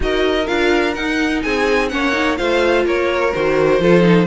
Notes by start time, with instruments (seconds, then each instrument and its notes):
0.00 cello D#4, viola F#4, violin A#4 D#5
0.47 cello D4, viola F4, violin F5
0.94 cello D#4, viola D#4, violin F#5
1.42 cello C4, violin G#4 G#5
1.88 cello A#3, viola C#4, violin C#5 F#5
2.12 viola D#4
2.36 cello A3, viola F4, violin C5 F5
2.85 cello A#3, violin A#4 C#5
3.33 cello D#3, viola F#4, violin C5
3.79 cello F3, viola F4, violin A4
4.01 viola D#4